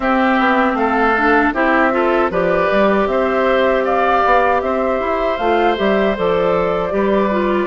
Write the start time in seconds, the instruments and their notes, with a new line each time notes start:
0.00 clarinet C4, bassoon C4, oboe G4, flute E5
0.39 bassoon B3
0.73 bassoon A3, oboe A4, flute F5
1.16 clarinet D4
1.53 bassoon C4, clarinet E4, oboe G4, flute E5
1.91 clarinet F4, oboe A4
2.30 bassoon F3, clarinet G4, oboe B4, flute D5
2.71 bassoon G3
3.07 bassoon C4, oboe C5, flute E5
3.84 oboe D5, flute F5
4.25 bassoon B3
4.60 bassoon C4, oboe C5, flute E5
5.00 bassoon E4
5.37 bassoon A3, clarinet F4, flute F5
5.76 bassoon G3, clarinet G4, flute E5
6.16 bassoon F3, clarinet A4, flute D5
6.90 bassoon G3, clarinet G4, oboe B4
7.30 clarinet F4